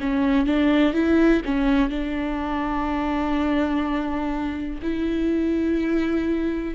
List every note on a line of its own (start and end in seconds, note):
0.00 0.46 C#4
0.46 0.93 D4
0.93 1.42 E4
1.45 1.89 C#4
1.89 4.79 D4
4.82 6.74 E4